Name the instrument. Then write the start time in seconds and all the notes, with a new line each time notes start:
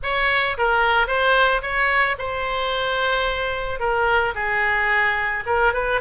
oboe
0.02 C#5
0.57 A#4
1.07 C5
1.62 C#5
2.18 C5
3.79 A#4
4.35 G#4
5.46 A#4
5.73 B4